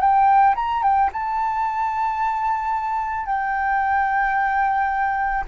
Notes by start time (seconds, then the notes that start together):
0.00 G5
0.55 A#5
0.83 G5
1.12 A5
3.26 G5